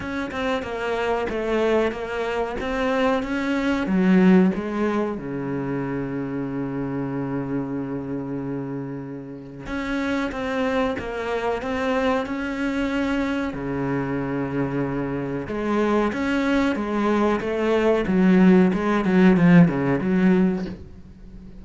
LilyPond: \new Staff \with { instrumentName = "cello" } { \time 4/4 \tempo 4 = 93 cis'8 c'8 ais4 a4 ais4 | c'4 cis'4 fis4 gis4 | cis1~ | cis2. cis'4 |
c'4 ais4 c'4 cis'4~ | cis'4 cis2. | gis4 cis'4 gis4 a4 | fis4 gis8 fis8 f8 cis8 fis4 | }